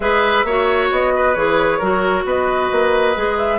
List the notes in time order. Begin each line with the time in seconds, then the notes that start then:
0.00 G#3 G#4 B4 E5
0.44 A#3 F#4 C#5
0.91 B3 D#5
1.15 B4
1.34 E3 G#4 C#5
1.78 F#3 F#4 A#4
2.24 B3 B4 D#5
2.71 A#3
3.15 G#3 G#4
3.38 E5